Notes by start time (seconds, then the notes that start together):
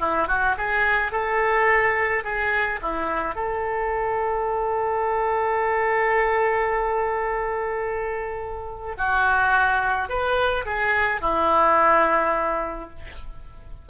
0.00 E4
0.28 F#4
0.58 G#4
1.12 A4
2.24 G#4
2.82 E4
3.35 A4
8.97 F#4
10.09 B4
10.66 G#4
11.21 E4